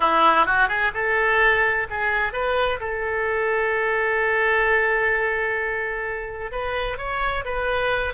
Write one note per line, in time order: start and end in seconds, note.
0.00 0.46 E4
0.46 0.68 F#4
0.68 0.91 G#4
0.94 1.87 A4
1.89 2.33 G#4
2.33 2.79 B4
2.80 6.51 A4
6.51 6.97 B4
6.97 7.44 C#5
7.44 8.13 B4